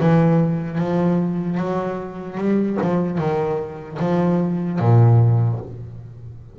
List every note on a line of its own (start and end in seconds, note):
0.00 0.78 E3
0.78 1.57 F3
1.57 2.37 F#3
2.37 2.77 G3
2.81 3.18 F3
3.18 3.98 D#3
3.99 4.79 F3
4.79 5.59 A#2